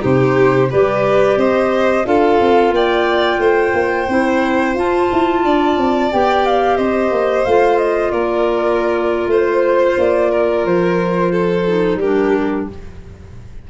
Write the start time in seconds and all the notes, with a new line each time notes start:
0.00 C3 D#4 G4 C5
0.70 G3 G4 B4 D5
1.36 C4 C5 D#5
2.04 D4 F4 A4 F5
2.40 C4
2.70 A#3 D5 G5
3.38 A3 C5
3.73 A#3
4.08 C4 E4
4.74 F4 A5
5.12 E4
5.44 D4 D5
5.77 C4
6.12 B3 G4 G5
6.46 F5
6.77 C4 C5 D#5
7.11 A#3
7.44 A3 F4 F5
7.78 D#5
8.11 A#3 A#4 D5
9.26 A3 C5
9.33 C5
9.97 A#3 D5
10.31 A#4
10.65 F3 C5
11.31 A4
11.67 D#4
11.96 G3 G4 A#4
12.02 D4